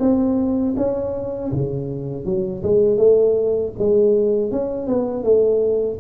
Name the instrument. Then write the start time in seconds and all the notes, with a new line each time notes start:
tuba
0.00 C4
0.77 C#4
1.53 C#3
2.25 F#3
2.63 G#3
2.98 A3
3.79 G#3
4.52 C#4
4.87 B3
5.24 A3